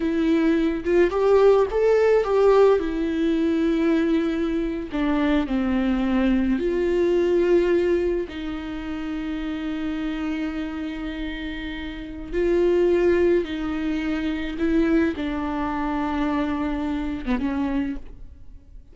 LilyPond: \new Staff \with { instrumentName = "viola" } { \time 4/4 \tempo 4 = 107 e'4. f'8 g'4 a'4 | g'4 e'2.~ | e'8. d'4 c'2 f'16~ | f'2~ f'8. dis'4~ dis'16~ |
dis'1~ | dis'2 f'2 | dis'2 e'4 d'4~ | d'2~ d'8. b16 cis'4 | }